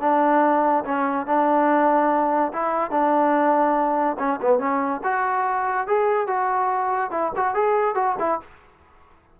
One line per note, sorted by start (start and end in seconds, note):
0.00 0.84 D4
0.84 1.26 C#4
1.26 2.52 D4
2.53 2.91 E4
2.91 4.17 D4
4.19 4.40 C#4
4.41 4.58 B3
4.58 5.00 C#4
5.03 5.87 F#4
5.87 6.27 G#4
6.27 7.11 F#4
7.11 7.32 E4
7.36 7.54 F#4
7.54 7.95 G#4
7.95 8.16 F#4
8.19 8.40 E4